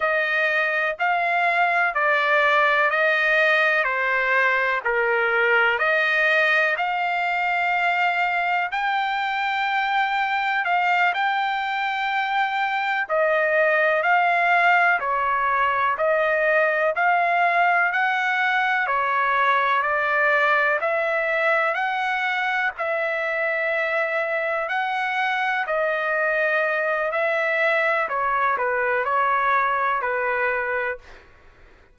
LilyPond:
\new Staff \with { instrumentName = "trumpet" } { \time 4/4 \tempo 4 = 62 dis''4 f''4 d''4 dis''4 | c''4 ais'4 dis''4 f''4~ | f''4 g''2 f''8 g''8~ | g''4. dis''4 f''4 cis''8~ |
cis''8 dis''4 f''4 fis''4 cis''8~ | cis''8 d''4 e''4 fis''4 e''8~ | e''4. fis''4 dis''4. | e''4 cis''8 b'8 cis''4 b'4 | }